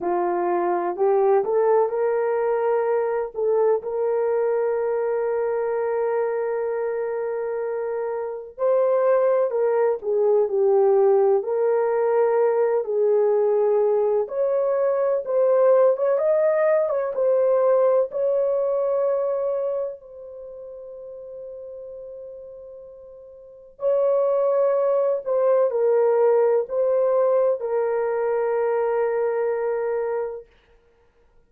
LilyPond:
\new Staff \with { instrumentName = "horn" } { \time 4/4 \tempo 4 = 63 f'4 g'8 a'8 ais'4. a'8 | ais'1~ | ais'4 c''4 ais'8 gis'8 g'4 | ais'4. gis'4. cis''4 |
c''8. cis''16 dis''8. cis''16 c''4 cis''4~ | cis''4 c''2.~ | c''4 cis''4. c''8 ais'4 | c''4 ais'2. | }